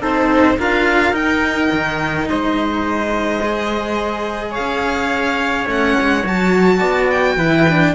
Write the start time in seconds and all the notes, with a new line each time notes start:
0.00 C4 D#4 A4 C5
0.58 D4 F4 A#4 F5
1.12 D#4 G5
1.72 D#3
2.29 G#3 C5 D#5
3.41 G#4
4.50 C#5 F5
4.59 C#4
5.66 A3 C#4 F#5
6.00 G#3
6.24 F#3 F#4 A5
6.79 B3 D5
7.10 G5
7.36 E3 E4 B4
7.68 D4